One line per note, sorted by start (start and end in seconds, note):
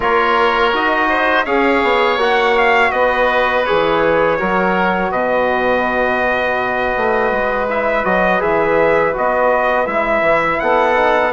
0.00 0.73 A#3
0.00 0.71 F4
0.00 1.07 A#4
0.00 0.75 C#5
0.72 1.46 D#4
0.72 1.45 F#4
0.72 1.45 D#5
1.09 1.45 C5
1.45 1.83 C#4
1.45 2.18 G#4
1.45 2.91 C#5
1.45 2.18 F5
1.83 2.17 B3
2.17 2.90 A#3
2.17 3.65 F#4
2.17 2.58 F#5
2.58 2.91 F5
2.91 3.65 B3
2.91 4.38 B4
2.91 3.64 D#5
3.65 4.40 E3
3.65 4.39 G#4
3.65 5.11 C#5
4.39 5.11 F#3
4.39 7.68 F#4
4.39 5.11 A#4
5.11 6.94 B2
5.11 10.59 B4
5.11 7.67 D#5
6.96 7.31 A3
7.31 8.04 G#3
7.68 8.04 E4
7.68 8.04 E5
8.04 8.41 F#3
8.04 8.39 F#4
8.04 8.41 D#5
8.39 9.14 E3
8.39 9.12 G#4
8.39 9.14 E5
9.13 9.86 B3
9.13 9.86 F#4
9.13 9.86 D#5
9.86 10.21 G#3
9.86 10.95 E4
9.86 10.59 E5
10.21 10.57 E3
10.59 11.32 B3
10.59 11.32 A4
10.59 11.32 F#5
10.95 11.32 D#4